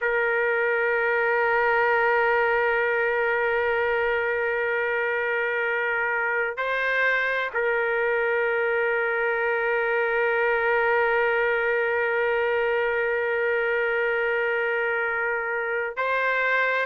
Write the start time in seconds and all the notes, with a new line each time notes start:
0.01 A#4
6.57 C5
7.53 A#4
15.96 C5